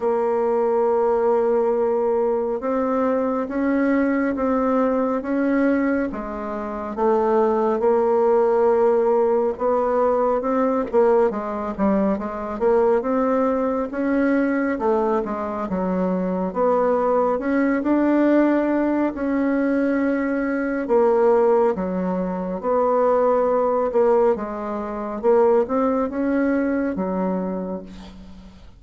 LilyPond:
\new Staff \with { instrumentName = "bassoon" } { \time 4/4 \tempo 4 = 69 ais2. c'4 | cis'4 c'4 cis'4 gis4 | a4 ais2 b4 | c'8 ais8 gis8 g8 gis8 ais8 c'4 |
cis'4 a8 gis8 fis4 b4 | cis'8 d'4. cis'2 | ais4 fis4 b4. ais8 | gis4 ais8 c'8 cis'4 fis4 | }